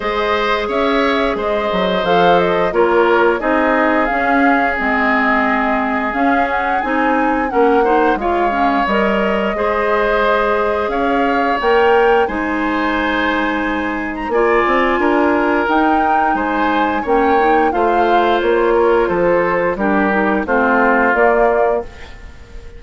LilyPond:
<<
  \new Staff \with { instrumentName = "flute" } { \time 4/4 \tempo 4 = 88 dis''4 e''4 dis''4 f''8 dis''8 | cis''4 dis''4 f''4 dis''4~ | dis''4 f''8 fis''8 gis''4 fis''4 | f''4 dis''2. |
f''4 g''4 gis''2~ | gis''8. ais''16 gis''2 g''4 | gis''4 g''4 f''4 cis''4 | c''4 ais'4 c''4 d''4 | }
  \new Staff \with { instrumentName = "oboe" } { \time 4/4 c''4 cis''4 c''2 | ais'4 gis'2.~ | gis'2. ais'8 c''8 | cis''2 c''2 |
cis''2 c''2~ | c''4 d''4 ais'2 | c''4 cis''4 c''4. ais'8 | a'4 g'4 f'2 | }
  \new Staff \with { instrumentName = "clarinet" } { \time 4/4 gis'2. a'4 | f'4 dis'4 cis'4 c'4~ | c'4 cis'4 dis'4 cis'8 dis'8 | f'8 cis'8 ais'4 gis'2~ |
gis'4 ais'4 dis'2~ | dis'4 f'2 dis'4~ | dis'4 cis'8 dis'8 f'2~ | f'4 d'8 dis'8 c'4 ais4 | }
  \new Staff \with { instrumentName = "bassoon" } { \time 4/4 gis4 cis'4 gis8 fis8 f4 | ais4 c'4 cis'4 gis4~ | gis4 cis'4 c'4 ais4 | gis4 g4 gis2 |
cis'4 ais4 gis2~ | gis4 ais8 c'8 d'4 dis'4 | gis4 ais4 a4 ais4 | f4 g4 a4 ais4 | }
>>